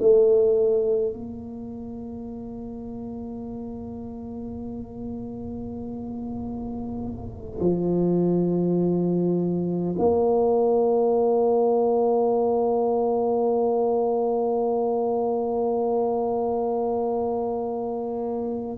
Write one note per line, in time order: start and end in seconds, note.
0.00 1.13 A3
1.13 7.60 A#3
7.60 9.96 F3
9.99 18.78 A#3